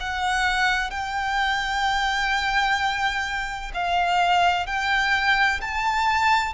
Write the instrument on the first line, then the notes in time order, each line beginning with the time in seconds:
violin
0.00 F#5
0.90 G5
3.74 F5
4.67 G5
5.61 A5